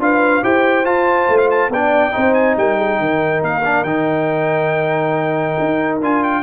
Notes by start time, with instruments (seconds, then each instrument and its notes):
0.00 tuba D4, trombone F4, horn B4, trumpet F5
0.43 tuba E4, trombone G4, horn C5, trumpet G5
0.85 trombone F4, tuba F4, trumpet A5
1.29 tuba A3
1.38 trumpet F5
1.51 trumpet A5
1.70 tuba B3, trombone D4, horn D5, trumpet G5
2.12 tuba C4, trombone D#4, horn C5
2.34 trumpet G#5
2.57 tuba G3, horn A#4, trumpet G5
2.77 horn G#4
3.00 tuba D#3, horn A#4
3.43 tuba A#3, trumpet F5
3.65 trombone D4
3.84 tuba D#3, trombone D#4, trumpet G5
5.60 tuba D#4
6.02 tuba D4, trombone F4, trumpet G#5
6.24 trumpet G5